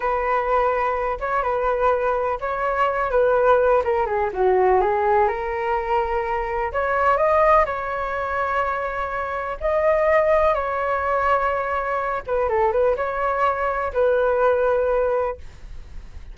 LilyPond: \new Staff \with { instrumentName = "flute" } { \time 4/4 \tempo 4 = 125 b'2~ b'8 cis''8 b'4~ | b'4 cis''4. b'4. | ais'8 gis'8 fis'4 gis'4 ais'4~ | ais'2 cis''4 dis''4 |
cis''1 | dis''2 cis''2~ | cis''4. b'8 a'8 b'8 cis''4~ | cis''4 b'2. | }